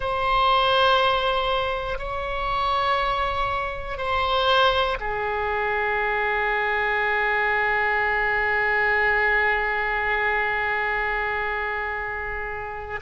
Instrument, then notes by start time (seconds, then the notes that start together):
oboe
0.00 C5
1.98 C#5
3.97 C5
5.00 G#4